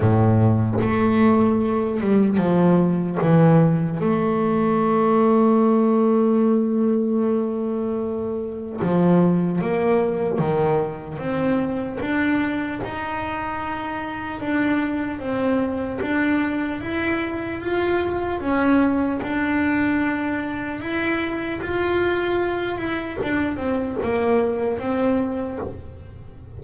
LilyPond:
\new Staff \with { instrumentName = "double bass" } { \time 4/4 \tempo 4 = 75 a,4 a4. g8 f4 | e4 a2.~ | a2. f4 | ais4 dis4 c'4 d'4 |
dis'2 d'4 c'4 | d'4 e'4 f'4 cis'4 | d'2 e'4 f'4~ | f'8 e'8 d'8 c'8 ais4 c'4 | }